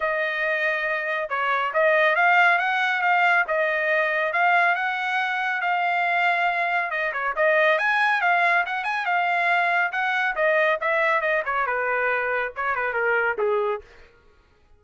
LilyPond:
\new Staff \with { instrumentName = "trumpet" } { \time 4/4 \tempo 4 = 139 dis''2. cis''4 | dis''4 f''4 fis''4 f''4 | dis''2 f''4 fis''4~ | fis''4 f''2. |
dis''8 cis''8 dis''4 gis''4 f''4 | fis''8 gis''8 f''2 fis''4 | dis''4 e''4 dis''8 cis''8 b'4~ | b'4 cis''8 b'8 ais'4 gis'4 | }